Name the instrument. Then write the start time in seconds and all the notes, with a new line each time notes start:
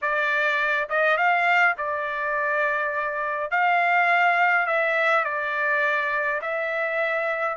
trumpet
0.01 D5
0.89 D#5
1.17 F5
1.77 D5
3.50 F5
4.66 E5
5.24 D5
6.41 E5